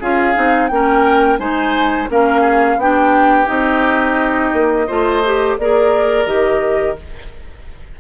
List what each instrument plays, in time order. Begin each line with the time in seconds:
0.00 bassoon C#4, clarinet F4, oboe G#4, flute F5
0.34 bassoon C4, clarinet D#4
0.67 bassoon A#3, clarinet C#4, flute G5
0.74 oboe A#4
1.38 bassoon G#3, clarinet D#4, oboe C5, flute G#5
2.09 bassoon A#3, clarinet C#4, oboe A#4, flute F5
2.41 oboe G#4
2.76 bassoon B3, clarinet D4, oboe G4, flute G5
3.46 bassoon C4, clarinet D#4, flute D#5
4.53 bassoon A#3
4.87 bassoon A3, clarinet F4, oboe C5
5.24 clarinet G4
5.58 bassoon A#3, clarinet G#4, oboe A#4, flute D5
6.26 bassoon D#3, clarinet G4, flute D#5